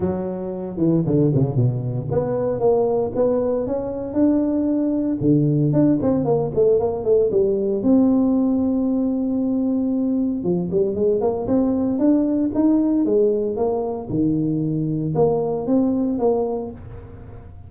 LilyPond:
\new Staff \with { instrumentName = "tuba" } { \time 4/4 \tempo 4 = 115 fis4. e8 d8 cis8 b,4 | b4 ais4 b4 cis'4 | d'2 d4 d'8 c'8 | ais8 a8 ais8 a8 g4 c'4~ |
c'1 | f8 g8 gis8 ais8 c'4 d'4 | dis'4 gis4 ais4 dis4~ | dis4 ais4 c'4 ais4 | }